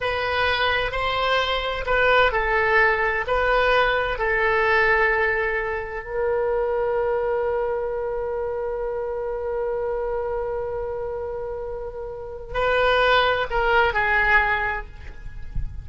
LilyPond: \new Staff \with { instrumentName = "oboe" } { \time 4/4 \tempo 4 = 129 b'2 c''2 | b'4 a'2 b'4~ | b'4 a'2.~ | a'4 ais'2.~ |
ais'1~ | ais'1~ | ais'2. b'4~ | b'4 ais'4 gis'2 | }